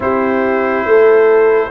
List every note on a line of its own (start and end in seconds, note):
0.00 0.85 C4
0.00 1.71 E4
0.00 0.87 G4
0.00 1.71 C5
0.85 1.71 A3
0.85 1.71 A4